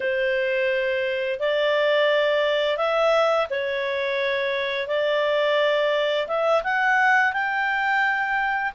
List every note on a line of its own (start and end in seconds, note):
0.00 1.39 C5
1.39 2.77 D5
2.77 3.47 E5
3.49 4.87 C#5
4.87 6.27 D5
6.27 6.62 E5
6.63 7.32 F#5
7.32 8.72 G5